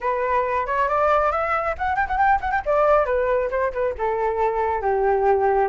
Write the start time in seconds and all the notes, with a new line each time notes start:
0.00 B4
0.66 C#5
0.88 D5
1.31 E5
1.78 F#5
1.96 G5
2.07 F#5
2.17 G5
2.40 F#5
2.51 G5
2.65 D5
3.05 B4
3.50 C5
3.72 B4
3.98 A4
4.81 G4